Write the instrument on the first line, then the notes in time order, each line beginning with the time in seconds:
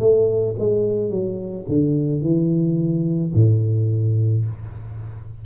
tuba
0.00 A3
0.59 G#3
1.11 F#3
1.69 D3
2.22 E3
3.35 A2